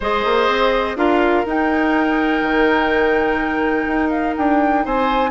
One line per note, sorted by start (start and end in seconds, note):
0.00 0.24 G#3
0.00 0.96 G#4
0.00 0.97 C5
0.00 0.97 D#5
0.24 0.47 A#3
0.47 0.96 C4
0.96 1.44 D4
0.96 1.44 F4
0.96 4.84 A#4
0.96 1.45 F5
1.45 2.41 D#4
1.45 5.30 D#4
1.45 4.10 G5
2.41 3.86 D#3
3.87 4.35 D#4
4.10 4.34 F5
4.37 4.85 D4
4.37 4.85 G5
4.84 5.30 C4
4.84 5.30 C5
4.84 5.30 G#5